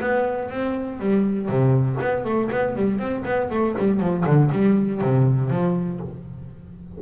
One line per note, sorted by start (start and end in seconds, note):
0.00 0.50 B3
0.50 0.99 C4
0.99 1.48 G3
1.48 1.98 C3
2.00 2.24 B3
2.24 2.49 A3
2.51 2.75 B3
2.75 2.98 G3
2.98 3.23 C4
3.24 3.49 B3
3.50 3.75 A3
3.78 4.00 G3
4.00 4.25 F3
4.25 4.50 D3
4.52 5.01 G3
5.01 5.50 C3
5.50 6.00 F3